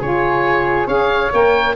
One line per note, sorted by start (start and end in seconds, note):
0.00 0.88 C#3
0.00 0.87 F4
0.00 0.87 G#4
0.00 0.88 C#5
0.87 1.31 C#4
0.87 1.31 G#4
0.87 1.75 C#5
0.87 1.32 F5
1.33 1.76 A#3
1.33 1.76 A#4
1.33 1.76 G5